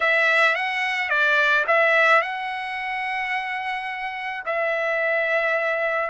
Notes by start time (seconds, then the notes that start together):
0.00 E5
0.55 F#5
1.09 D5
1.67 E5
2.21 F#5
4.45 E5